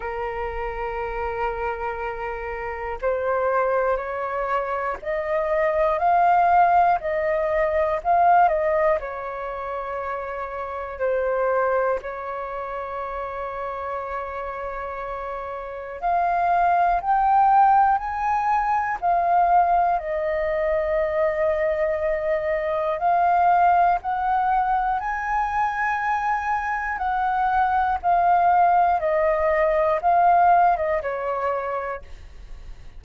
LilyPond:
\new Staff \with { instrumentName = "flute" } { \time 4/4 \tempo 4 = 60 ais'2. c''4 | cis''4 dis''4 f''4 dis''4 | f''8 dis''8 cis''2 c''4 | cis''1 |
f''4 g''4 gis''4 f''4 | dis''2. f''4 | fis''4 gis''2 fis''4 | f''4 dis''4 f''8. dis''16 cis''4 | }